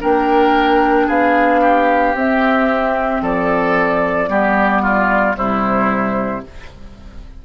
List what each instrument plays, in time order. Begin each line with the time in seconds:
0.00 bassoon A#3, clarinet D4, oboe A#4, flute G5
1.06 bassoon B3, oboe G#4, flute F5
1.61 oboe G4
2.13 bassoon C4, clarinet C4, flute E5
3.21 bassoon F3, oboe A4, flute D5
4.27 bassoon G3, clarinet B3, oboe G4
4.82 oboe F4
5.34 bassoon C3, clarinet G3, oboe E4, flute C5